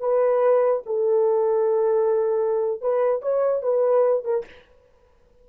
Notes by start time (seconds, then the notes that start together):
0.00 B4
0.86 A4
2.82 B4
3.22 C#5
3.63 B4
4.25 A#4